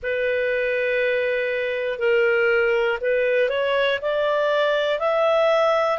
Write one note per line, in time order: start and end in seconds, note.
0.02 1.99 B4
1.99 2.99 A#4
3.00 3.49 B4
3.49 3.99 C#5
4.01 4.99 D5
4.99 5.98 E5